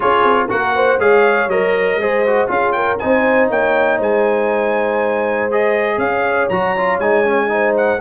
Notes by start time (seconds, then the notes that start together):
0.00 C#4 F4 G#4 C#5
0.24 C4
0.48 A#3 F#4 A#4 F#5
0.75 C5
0.99 G#3 G#4 C#5 F5
1.47 F#3 A#4 D#5
1.96 G#3 G#4 C5
2.26 F#4
2.47 C#4 F4 G#4 F5
2.71 A#4 G5
2.99 C4 D#4 C5 G#5
3.49 A#3 C#5 G5
3.97 G#3 C5 G#5
5.50 G#4 D#5
5.97 C#4 C#5 F5
6.49 F#3 F#4 A#5
6.76 F4
6.98 G#3 D#4 G#5
7.24 C#4
7.48 D#4 C5
7.76 F#5